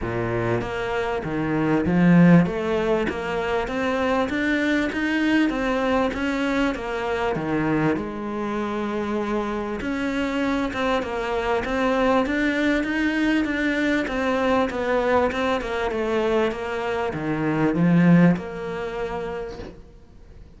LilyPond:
\new Staff \with { instrumentName = "cello" } { \time 4/4 \tempo 4 = 98 ais,4 ais4 dis4 f4 | a4 ais4 c'4 d'4 | dis'4 c'4 cis'4 ais4 | dis4 gis2. |
cis'4. c'8 ais4 c'4 | d'4 dis'4 d'4 c'4 | b4 c'8 ais8 a4 ais4 | dis4 f4 ais2 | }